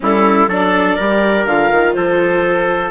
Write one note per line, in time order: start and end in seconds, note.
0.00 0.47 G3
0.00 0.48 C#4
0.00 0.48 E4
0.00 0.52 A4
0.47 0.96 F#3
0.47 0.99 D4
0.47 0.95 A4
0.47 1.46 D5
0.95 1.46 G3
0.95 1.47 G4
0.95 1.93 A#4
1.46 1.70 D3
1.46 2.91 F4
1.46 1.93 F5
1.71 1.95 D#3
1.93 2.91 F3
1.93 2.91 A4
1.93 2.91 C5